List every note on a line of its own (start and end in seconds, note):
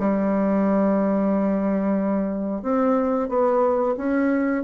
0.00 2.63 G3
2.63 3.29 C4
3.29 3.95 B3
3.98 4.64 C#4